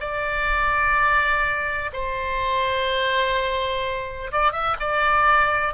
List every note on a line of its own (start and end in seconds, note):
0.00 1.90 D5
1.93 4.31 C5
4.32 4.52 D5
4.52 4.76 E5
4.80 5.73 D5